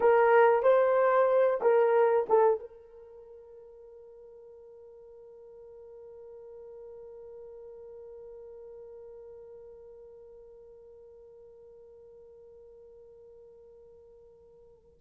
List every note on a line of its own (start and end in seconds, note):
0.00 0.63 A#4
0.63 1.60 C5
1.61 2.26 A#4
2.29 2.59 A4
2.59 14.99 A#4